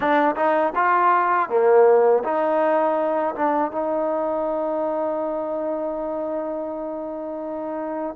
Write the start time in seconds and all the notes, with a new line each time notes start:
0.00 D4
0.36 D#4
0.75 F4
1.49 A#3
2.24 D#4
3.35 D4
3.71 D#4